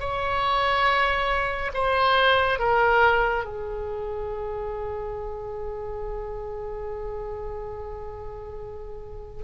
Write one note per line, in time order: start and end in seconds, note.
0.00 1.71 C#5
1.74 2.59 C5
2.59 3.45 A#4
3.45 9.44 G#4